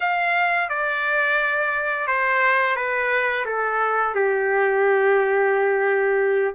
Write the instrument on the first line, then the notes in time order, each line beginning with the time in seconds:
trumpet
0.00 F5
0.69 D5
2.07 C5
2.76 B4
3.45 A4
4.14 G4